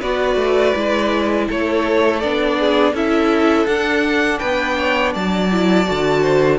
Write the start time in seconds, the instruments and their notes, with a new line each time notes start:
0.00 cello B3, viola F#4, violin B4 D5
0.36 cello A3
0.75 cello G#3, viola E4
1.48 cello A3, violin A4 C#5
2.20 cello B3, viola D4, violin D5
2.60 violin G#4
2.93 cello C#4, viola E4, violin A4 E5
3.66 cello D4, viola D4, violin F#5
4.39 cello B3, violin B4 G5
4.78 violin C#5
5.13 cello F#3, violin D5 A5
5.51 viola E4
5.84 cello D3, viola F#4
6.21 violin C5